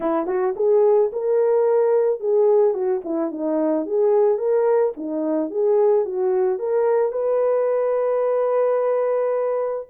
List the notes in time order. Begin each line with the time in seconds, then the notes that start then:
0.00 E4
0.26 F#4
0.56 G#4
1.12 A#4
2.20 G#4
2.74 F#4
3.04 E4
3.31 D#4
3.85 G#4
4.38 A#4
4.96 D#4
5.50 G#4
6.05 F#4
6.58 A#4
7.12 B4